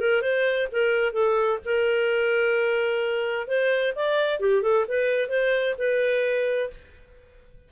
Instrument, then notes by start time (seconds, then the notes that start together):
clarinet
0.00 A#4
0.22 C5
0.72 A#4
1.13 A4
1.65 A#4
3.48 C5
3.95 D5
4.40 G4
4.62 A4
4.88 B4
5.29 C5
5.78 B4